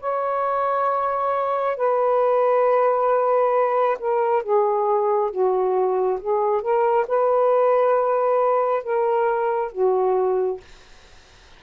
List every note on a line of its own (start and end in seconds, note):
0.00 1.76 C#5
1.76 3.97 B4
3.99 4.42 A#4
4.42 5.31 G#4
5.31 6.19 F#4
6.20 6.61 G#4
6.61 7.05 A#4
7.07 8.83 B4
8.83 9.71 A#4
9.72 10.60 F#4